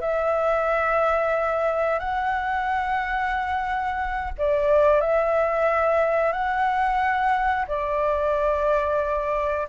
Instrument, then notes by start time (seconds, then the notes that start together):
flute
0.00 E5
1.99 F#5
4.38 D5
5.01 E5
6.32 F#5
7.68 D5